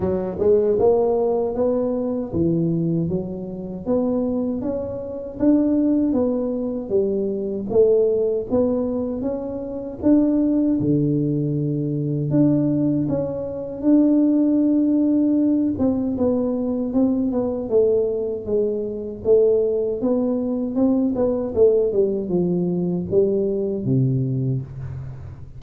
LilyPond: \new Staff \with { instrumentName = "tuba" } { \time 4/4 \tempo 4 = 78 fis8 gis8 ais4 b4 e4 | fis4 b4 cis'4 d'4 | b4 g4 a4 b4 | cis'4 d'4 d2 |
d'4 cis'4 d'2~ | d'8 c'8 b4 c'8 b8 a4 | gis4 a4 b4 c'8 b8 | a8 g8 f4 g4 c4 | }